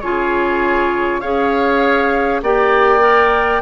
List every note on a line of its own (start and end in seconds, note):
0.00 1.22 C#3
0.00 1.22 F4
0.00 1.21 G#4
0.00 1.20 C#5
1.20 2.42 C#4
1.20 2.42 G#4
1.20 2.41 C#5
1.20 2.40 F5
2.42 3.62 A#3
2.42 2.99 G4
2.42 3.62 D5
2.42 3.62 G5
2.99 3.59 A#4